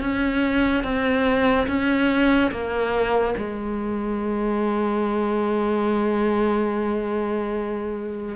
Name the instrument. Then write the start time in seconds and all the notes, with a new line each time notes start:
cello
0.00 C#4
0.83 C4
1.67 C#4
2.51 A#3
3.37 G#3